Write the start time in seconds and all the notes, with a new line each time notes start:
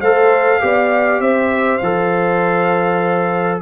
0.00 A3 A4 C5 F5
0.60 B3 G4 D5
1.20 C4 C5 E5
1.78 F3 A4 F5